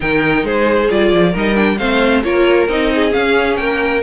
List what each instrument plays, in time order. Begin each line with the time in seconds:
0.00 cello D#3, viola D#4, violin A#4 G5
0.43 cello G#3, violin G#4 C5
0.89 cello G3, viola F4, violin D5
1.12 cello F3
1.31 cello G3, viola D#4, violin A#4
1.37 violin D#5
1.55 viola D4, violin G5
1.78 cello A3, viola C4, violin C5 F5
2.23 cello A#3, viola F4, violin A#4 C#5
2.67 cello C4, viola D#4, violin D#5
2.94 violin G#4
3.10 viola C#4, cello C#4, violin F5
3.56 cello A#3, violin A#4 G5